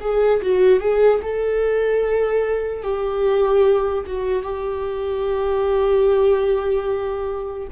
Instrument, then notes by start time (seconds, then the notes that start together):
viola
0.00 G#4
0.42 F#4
0.80 G#4
1.22 A4
2.82 G4
4.06 F#4
4.42 G4